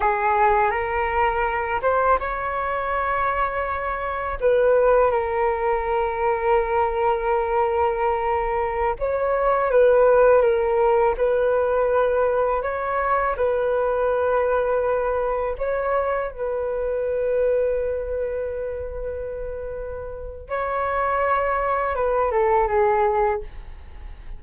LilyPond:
\new Staff \with { instrumentName = "flute" } { \time 4/4 \tempo 4 = 82 gis'4 ais'4. c''8 cis''4~ | cis''2 b'4 ais'4~ | ais'1~ | ais'16 cis''4 b'4 ais'4 b'8.~ |
b'4~ b'16 cis''4 b'4.~ b'16~ | b'4~ b'16 cis''4 b'4.~ b'16~ | b'1 | cis''2 b'8 a'8 gis'4 | }